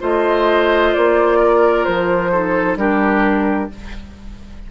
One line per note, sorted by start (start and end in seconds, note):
0.00 0.95 A3
0.00 2.31 F4
0.00 1.39 C5
0.00 0.94 D#5
0.94 1.87 A#3
0.94 1.84 D5
1.39 2.31 A#4
1.84 2.75 F3
1.84 2.77 C5
2.32 2.77 D#4
2.32 2.78 A4
2.75 3.68 G3
2.75 3.70 D4
2.75 3.71 G4
2.75 3.70 A#4